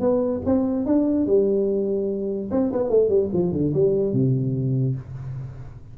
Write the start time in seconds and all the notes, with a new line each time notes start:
0.00 B3
0.45 C4
0.86 D4
1.26 G3
2.51 C4
2.72 B3
2.90 A3
3.09 G3
3.33 F3
3.52 D3
3.74 G3
4.13 C3